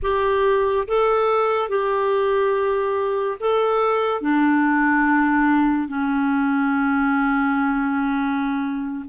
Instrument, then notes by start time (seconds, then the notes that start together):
clarinet
0.02 G4
0.87 A4
1.69 G4
3.40 A4
4.21 D4
5.88 C#4